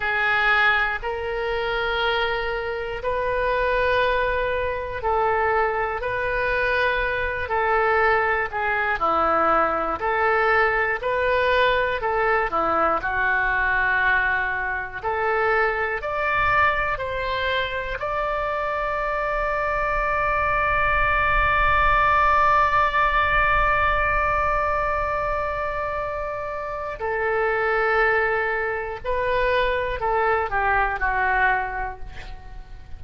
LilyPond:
\new Staff \with { instrumentName = "oboe" } { \time 4/4 \tempo 4 = 60 gis'4 ais'2 b'4~ | b'4 a'4 b'4. a'8~ | a'8 gis'8 e'4 a'4 b'4 | a'8 e'8 fis'2 a'4 |
d''4 c''4 d''2~ | d''1~ | d''2. a'4~ | a'4 b'4 a'8 g'8 fis'4 | }